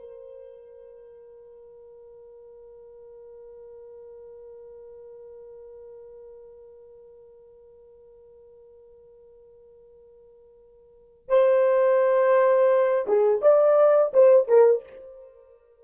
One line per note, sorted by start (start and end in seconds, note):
0.00 11.29 A#4
11.29 13.05 C5
13.07 13.42 G#4
13.42 14.12 D5
14.14 14.48 C5
14.48 14.83 A#4